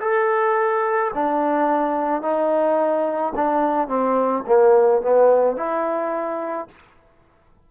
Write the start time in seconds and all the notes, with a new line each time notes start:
0.00 A4
1.14 D4
2.22 D#4
3.35 D4
3.87 C4
4.46 A#3
5.02 B3
5.57 E4